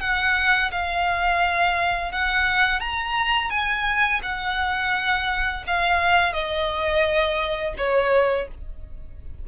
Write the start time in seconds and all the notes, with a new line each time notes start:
0.00 F#5
0.71 F5
2.11 F#5
2.80 A#5
3.50 G#5
4.22 F#5
5.67 F5
6.32 D#5
7.77 C#5